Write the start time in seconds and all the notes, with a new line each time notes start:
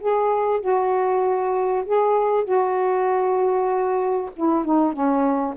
0.00 G#4
0.60 F#4
1.85 G#4
2.44 F#4
4.36 E4
4.65 D#4
4.93 C#4